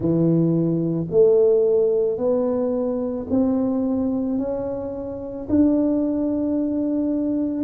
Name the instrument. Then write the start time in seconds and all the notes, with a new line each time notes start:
tuba
0.00 E3
1.10 A3
2.17 B3
3.30 C4
4.38 C#4
5.48 D4